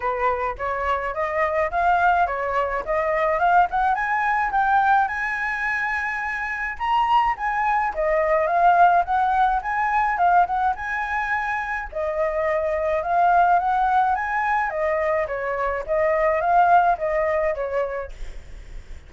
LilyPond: \new Staff \with { instrumentName = "flute" } { \time 4/4 \tempo 4 = 106 b'4 cis''4 dis''4 f''4 | cis''4 dis''4 f''8 fis''8 gis''4 | g''4 gis''2. | ais''4 gis''4 dis''4 f''4 |
fis''4 gis''4 f''8 fis''8 gis''4~ | gis''4 dis''2 f''4 | fis''4 gis''4 dis''4 cis''4 | dis''4 f''4 dis''4 cis''4 | }